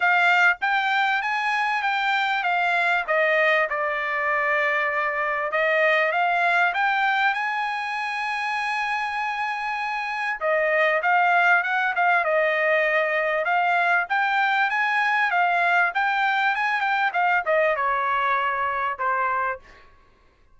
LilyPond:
\new Staff \with { instrumentName = "trumpet" } { \time 4/4 \tempo 4 = 98 f''4 g''4 gis''4 g''4 | f''4 dis''4 d''2~ | d''4 dis''4 f''4 g''4 | gis''1~ |
gis''4 dis''4 f''4 fis''8 f''8 | dis''2 f''4 g''4 | gis''4 f''4 g''4 gis''8 g''8 | f''8 dis''8 cis''2 c''4 | }